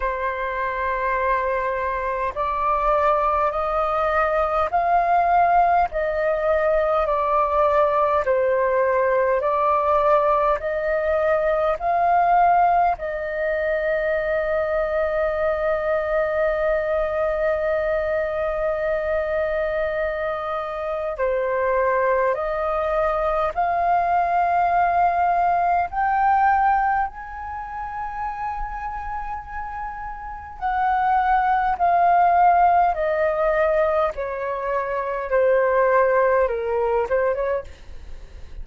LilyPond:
\new Staff \with { instrumentName = "flute" } { \time 4/4 \tempo 4 = 51 c''2 d''4 dis''4 | f''4 dis''4 d''4 c''4 | d''4 dis''4 f''4 dis''4~ | dis''1~ |
dis''2 c''4 dis''4 | f''2 g''4 gis''4~ | gis''2 fis''4 f''4 | dis''4 cis''4 c''4 ais'8 c''16 cis''16 | }